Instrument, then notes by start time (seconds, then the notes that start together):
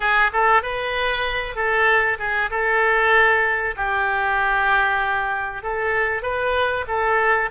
oboe
0.00 G#4
0.32 A4
0.62 B4
1.55 A4
2.18 G#4
2.50 A4
3.76 G4
5.62 A4
6.22 B4
6.87 A4